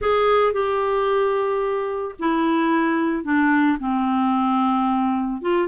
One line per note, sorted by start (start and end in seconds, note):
0.01 0.53 G#4
0.53 2.15 G4
2.19 3.23 E4
3.23 3.77 D4
3.79 5.41 C4
5.41 5.68 F4